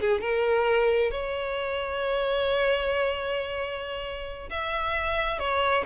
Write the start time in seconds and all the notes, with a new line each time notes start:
0.00 G#4
0.21 A#4
1.11 C#5
4.50 E5
5.39 C#5